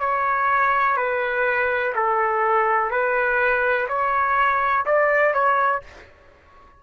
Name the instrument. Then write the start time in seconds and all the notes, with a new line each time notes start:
trumpet
0.00 C#5
0.97 B4
1.95 A4
2.91 B4
3.88 C#5
4.86 D5
5.34 C#5